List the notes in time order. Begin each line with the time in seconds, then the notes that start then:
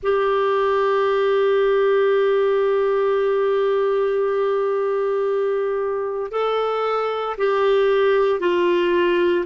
0.02 G4
6.31 A4
7.37 G4
8.40 F4